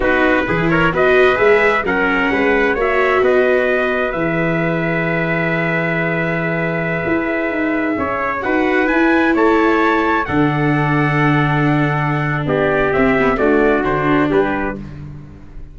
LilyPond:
<<
  \new Staff \with { instrumentName = "trumpet" } { \time 4/4 \tempo 4 = 130 b'4. cis''8 dis''4 e''4 | fis''2 e''4 dis''4~ | dis''4 e''2.~ | e''1~ |
e''2~ e''16 fis''4 gis''8.~ | gis''16 a''2 fis''4.~ fis''16~ | fis''2. d''4 | e''4 d''4 c''4 b'4 | }
  \new Staff \with { instrumentName = "trumpet" } { \time 4/4 fis'4 gis'8 ais'8 b'2 | ais'4 b'4 cis''4 b'4~ | b'1~ | b'1~ |
b'4~ b'16 cis''4 b'4.~ b'16~ | b'16 cis''2 a'4.~ a'16~ | a'2. g'4~ | g'4 fis'2 g'4 | }
  \new Staff \with { instrumentName = "viola" } { \time 4/4 dis'4 e'4 fis'4 gis'4 | cis'2 fis'2~ | fis'4 gis'2.~ | gis'1~ |
gis'2~ gis'16 fis'4 e'8.~ | e'2~ e'16 d'4.~ d'16~ | d'1 | c'8 b8 a4 d'2 | }
  \new Staff \with { instrumentName = "tuba" } { \time 4/4 b4 e4 b4 gis4 | fis4 gis4 ais4 b4~ | b4 e2.~ | e2.~ e16 e'8.~ |
e'16 dis'4 cis'4 dis'4 e'8.~ | e'16 a2 d4.~ d16~ | d2. b4 | c'4 d'4 d4 g4 | }
>>